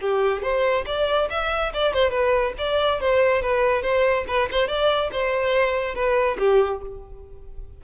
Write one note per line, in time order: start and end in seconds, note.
0.00 0.42 G4
0.42 0.85 C5
0.86 1.29 D5
1.30 1.73 E5
1.74 1.94 D5
1.94 2.11 C5
2.11 2.53 B4
2.58 3.01 D5
3.01 3.42 C5
3.42 3.82 B4
3.82 4.25 C5
4.28 4.49 B4
4.51 4.68 C5
4.68 5.11 D5
5.12 5.95 C5
5.95 6.37 B4
6.39 6.81 G4